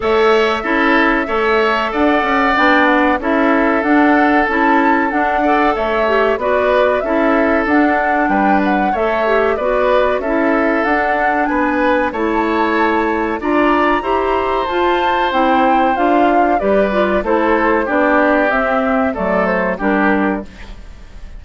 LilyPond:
<<
  \new Staff \with { instrumentName = "flute" } { \time 4/4 \tempo 4 = 94 e''2. fis''4 | g''8 fis''8 e''4 fis''4 a''4 | fis''4 e''4 d''4 e''4 | fis''4 g''8 fis''8 e''4 d''4 |
e''4 fis''4 gis''4 a''4~ | a''4 ais''2 a''4 | g''4 f''4 d''4 c''4 | d''4 e''4 d''8 c''8 ais'4 | }
  \new Staff \with { instrumentName = "oboe" } { \time 4/4 cis''4 a'4 cis''4 d''4~ | d''4 a'2.~ | a'8 d''8 cis''4 b'4 a'4~ | a'4 b'4 cis''4 b'4 |
a'2 b'4 cis''4~ | cis''4 d''4 c''2~ | c''2 b'4 a'4 | g'2 a'4 g'4 | }
  \new Staff \with { instrumentName = "clarinet" } { \time 4/4 a'4 e'4 a'2 | d'4 e'4 d'4 e'4 | d'8 a'4 g'8 fis'4 e'4 | d'2 a'8 g'8 fis'4 |
e'4 d'2 e'4~ | e'4 f'4 g'4 f'4 | e'4 f'4 g'8 f'8 e'4 | d'4 c'4 a4 d'4 | }
  \new Staff \with { instrumentName = "bassoon" } { \time 4/4 a4 cis'4 a4 d'8 cis'8 | b4 cis'4 d'4 cis'4 | d'4 a4 b4 cis'4 | d'4 g4 a4 b4 |
cis'4 d'4 b4 a4~ | a4 d'4 e'4 f'4 | c'4 d'4 g4 a4 | b4 c'4 fis4 g4 | }
>>